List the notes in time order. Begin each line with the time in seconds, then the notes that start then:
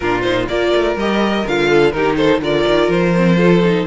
0.00 A#2 D4 F4 A#4
0.21 D#4 C5
0.48 A#3 F4 A#4 D5
0.75 A3
0.96 G3 G4 D#5
1.46 D3 F4 F5
1.68 A4
1.91 D#3 D#4 G4 A#4
2.16 A4 C5
2.41 D3 F4 A#4 D5
2.67 D#3
2.88 F3 C5
3.15 C4
3.37 F4 A4
3.64 D#4